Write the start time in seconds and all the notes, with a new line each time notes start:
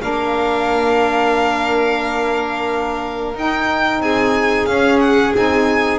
0.00 A#3 D4 A#4 F5
3.34 D#4 G5
3.99 C4 G#4 G#5
4.66 C#4 F5
4.99 F#5
5.35 C4 D#4 G#5